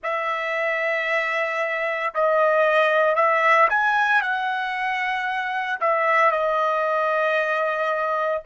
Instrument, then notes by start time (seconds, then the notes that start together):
trumpet
0.03 E5
2.14 D#5
3.15 E5
3.69 G#5
4.21 F#5
5.80 E5
6.31 D#5